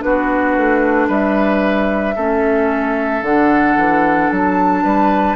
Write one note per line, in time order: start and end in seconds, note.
0.00 0.57 B3
0.00 2.14 D4
0.00 1.08 F#4
0.00 1.08 B4
0.57 1.09 A3
1.08 2.16 G3
1.08 2.15 B4
1.08 3.24 E5
2.16 3.22 A3
2.16 3.24 C#4
2.16 4.84 A4
3.22 3.76 D3
3.22 5.36 D4
3.22 4.30 F#5
3.77 4.30 E3
4.30 4.84 F#3
4.30 5.36 A5
4.84 5.36 G3
4.84 5.36 B4